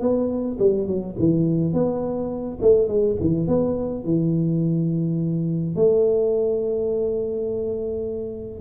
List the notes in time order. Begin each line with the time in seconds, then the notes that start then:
0.00 B3
0.59 G3
0.86 F#3
1.18 E3
1.73 B3
2.61 A3
2.88 G#3
3.20 E3
3.47 B3
4.04 E3
5.75 A3